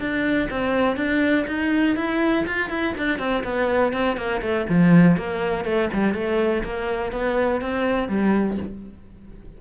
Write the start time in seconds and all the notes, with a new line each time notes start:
0.00 D4
0.50 C4
0.97 D4
1.48 D#4
1.97 E4
2.47 F4
2.70 E4
2.98 D4
3.19 C4
3.45 B3
3.93 C4
4.17 A#3
4.42 A3
4.70 F3
5.17 A#3
5.65 A3
5.94 G3
6.15 A3
6.64 A#3
7.12 B3
7.62 C4
8.09 G3